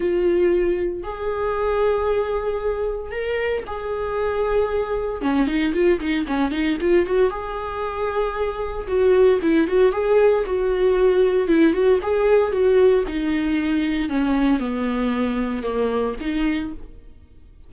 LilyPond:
\new Staff \with { instrumentName = "viola" } { \time 4/4 \tempo 4 = 115 f'2 gis'2~ | gis'2 ais'4 gis'4~ | gis'2 cis'8 dis'8 f'8 dis'8 | cis'8 dis'8 f'8 fis'8 gis'2~ |
gis'4 fis'4 e'8 fis'8 gis'4 | fis'2 e'8 fis'8 gis'4 | fis'4 dis'2 cis'4 | b2 ais4 dis'4 | }